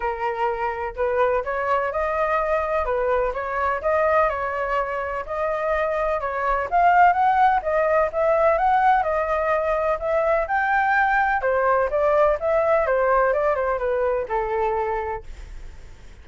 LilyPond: \new Staff \with { instrumentName = "flute" } { \time 4/4 \tempo 4 = 126 ais'2 b'4 cis''4 | dis''2 b'4 cis''4 | dis''4 cis''2 dis''4~ | dis''4 cis''4 f''4 fis''4 |
dis''4 e''4 fis''4 dis''4~ | dis''4 e''4 g''2 | c''4 d''4 e''4 c''4 | d''8 c''8 b'4 a'2 | }